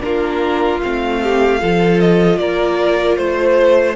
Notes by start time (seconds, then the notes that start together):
0.00 A#3 D4 F4 A#4
0.83 A3 C4 F5
1.22 G4
1.59 F3 F4 A4
2.00 D#5
2.38 A#3 A#4 D5
3.17 A3 C5